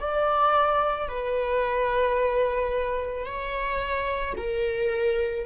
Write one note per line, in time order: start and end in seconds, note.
0.00 1.08 D5
1.08 3.25 B4
3.25 4.34 C#5
4.37 5.45 A#4